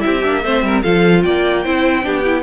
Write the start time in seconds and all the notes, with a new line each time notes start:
0.00 C4 E4 G4 E5
0.24 A#3 D4
0.44 A3 C4 C5
0.62 G3 A#4
0.82 F3 F4 A4 F5
1.23 A#3 D5 G5
1.64 C4 E4 C5
2.02 B3 D4 G4
2.25 E4